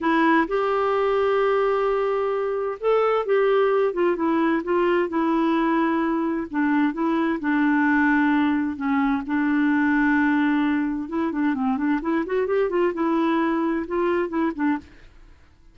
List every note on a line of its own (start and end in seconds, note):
0.00 0.47 E4
0.47 2.78 G4
2.79 3.25 A4
3.25 3.93 G4
3.93 4.16 F4
4.16 4.62 E4
4.63 5.08 F4
5.08 6.47 E4
6.50 6.93 D4
6.93 7.39 E4
7.40 8.76 D4
8.76 9.22 C#4
9.26 11.09 D4
11.09 11.32 E4
11.32 11.54 D4
11.54 11.77 C4
11.77 12.00 D4
12.01 12.24 E4
12.25 12.46 F#4
12.46 12.69 G4
12.69 12.92 F4
12.93 13.86 E4
13.87 14.28 F4
14.28 14.51 E4
14.55 14.78 D4